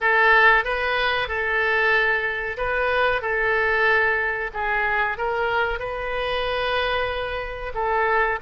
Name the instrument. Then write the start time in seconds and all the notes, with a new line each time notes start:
oboe
0.00 A4
0.64 B4
1.28 A4
2.57 B4
3.21 A4
4.53 G#4
5.17 A#4
5.79 B4
7.74 A4